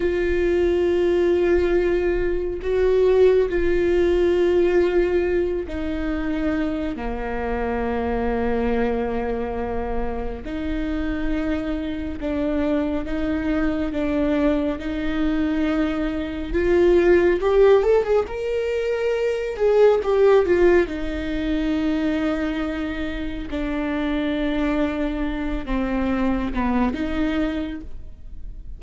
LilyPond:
\new Staff \with { instrumentName = "viola" } { \time 4/4 \tempo 4 = 69 f'2. fis'4 | f'2~ f'8 dis'4. | ais1 | dis'2 d'4 dis'4 |
d'4 dis'2 f'4 | g'8 a'16 gis'16 ais'4. gis'8 g'8 f'8 | dis'2. d'4~ | d'4. c'4 b8 dis'4 | }